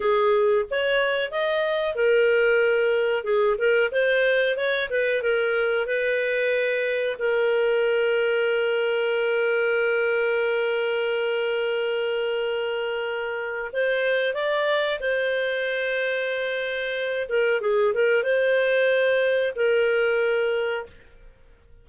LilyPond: \new Staff \with { instrumentName = "clarinet" } { \time 4/4 \tempo 4 = 92 gis'4 cis''4 dis''4 ais'4~ | ais'4 gis'8 ais'8 c''4 cis''8 b'8 | ais'4 b'2 ais'4~ | ais'1~ |
ais'1~ | ais'4 c''4 d''4 c''4~ | c''2~ c''8 ais'8 gis'8 ais'8 | c''2 ais'2 | }